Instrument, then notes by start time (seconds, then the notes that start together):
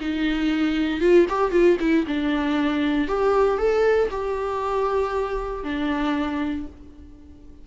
viola
0.00 D#4
1.00 F4
1.29 G4
1.51 F4
1.79 E4
2.07 D4
3.08 G4
3.57 A4
4.10 G4
5.64 D4